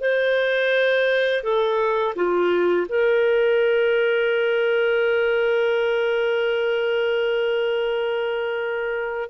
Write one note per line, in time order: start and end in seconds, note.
0.00 1.43 C5
1.43 2.14 A4
2.15 2.86 F4
2.88 9.30 A#4